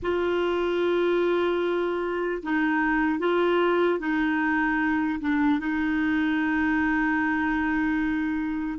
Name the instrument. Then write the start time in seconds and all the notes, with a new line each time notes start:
clarinet
0.02 F4
2.42 D#4
3.19 F4
3.99 D#4
5.20 D4
5.59 D#4